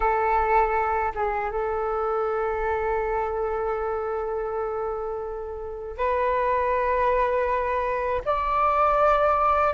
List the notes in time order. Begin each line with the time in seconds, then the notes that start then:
0.00 A4
1.14 G#4
1.50 A4
5.97 B4
8.25 D5